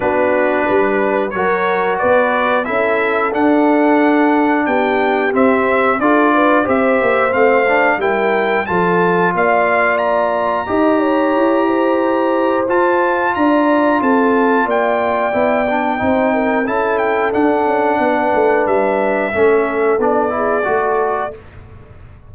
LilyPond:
<<
  \new Staff \with { instrumentName = "trumpet" } { \time 4/4 \tempo 4 = 90 b'2 cis''4 d''4 | e''4 fis''2 g''4 | e''4 d''4 e''4 f''4 | g''4 a''4 f''4 ais''4~ |
ais''2. a''4 | ais''4 a''4 g''2~ | g''4 a''8 g''8 fis''2 | e''2 d''2 | }
  \new Staff \with { instrumentName = "horn" } { \time 4/4 fis'4 b'4 ais'4 b'4 | a'2. g'4~ | g'4 a'8 b'8 c''2 | ais'4 a'4 d''2 |
dis''8 cis''4 c''2~ c''8 | d''4 a'4 d''2 | c''8 ais'8 a'2 b'4~ | b'4 a'4. gis'8 a'4 | }
  \new Staff \with { instrumentName = "trombone" } { \time 4/4 d'2 fis'2 | e'4 d'2. | c'4 f'4 g'4 c'8 d'8 | e'4 f'2. |
g'2. f'4~ | f'2. e'8 d'8 | dis'4 e'4 d'2~ | d'4 cis'4 d'8 e'8 fis'4 | }
  \new Staff \with { instrumentName = "tuba" } { \time 4/4 b4 g4 fis4 b4 | cis'4 d'2 b4 | c'4 d'4 c'8 ais8 a4 | g4 f4 ais2 |
dis'4 e'2 f'4 | d'4 c'4 ais4 b4 | c'4 cis'4 d'8 cis'8 b8 a8 | g4 a4 b4 a4 | }
>>